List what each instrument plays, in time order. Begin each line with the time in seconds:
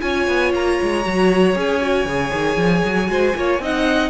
0.00 cello C#4, viola F4, violin C#5 G#5
0.27 cello B3
0.53 cello A#3, violin A#5
0.82 cello G#3
1.05 cello F#3, viola F#4
1.54 cello C#4, viola G#4, violin G#5
1.81 viola F#4
2.05 cello C#3, viola G#4
2.32 cello D#3
2.56 cello F3
2.84 cello F#3
3.06 cello G#3, viola F#4, violin C5
3.35 cello A#3, viola F4, violin C#5
3.59 cello C4, viola D#4, violin D#5 F#5